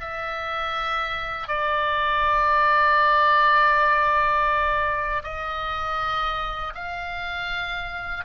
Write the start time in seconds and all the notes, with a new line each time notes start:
0.00 E5
1.47 D5
5.23 D#5
6.74 F5